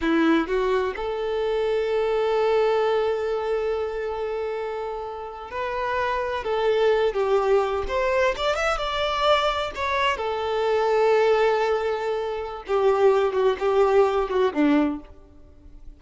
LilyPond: \new Staff \with { instrumentName = "violin" } { \time 4/4 \tempo 4 = 128 e'4 fis'4 a'2~ | a'1~ | a'2.~ a'8. b'16~ | b'4.~ b'16 a'4. g'8.~ |
g'8. c''4 d''8 e''8 d''4~ d''16~ | d''8. cis''4 a'2~ a'16~ | a'2. g'4~ | g'8 fis'8 g'4. fis'8 d'4 | }